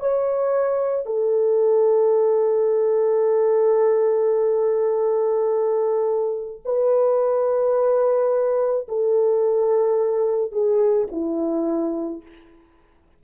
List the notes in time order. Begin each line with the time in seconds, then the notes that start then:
0.00 C#5
1.06 A4
6.66 B4
8.88 A4
10.52 G#4
11.12 E4